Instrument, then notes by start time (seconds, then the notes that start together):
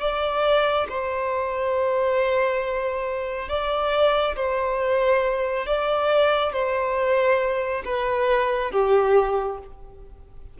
violin
0.00 D5
0.89 C5
3.49 D5
4.36 C5
5.66 D5
6.53 C5
7.85 B4
8.72 G4